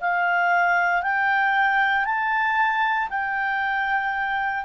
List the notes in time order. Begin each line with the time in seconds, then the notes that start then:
0.00 F5
1.03 G5
2.05 A5
3.09 G5